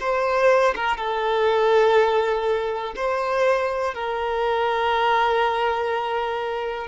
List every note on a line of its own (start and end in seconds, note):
0.00 0.74 C5
0.75 0.97 A#4
0.97 2.94 A4
2.96 3.94 C5
3.94 6.88 A#4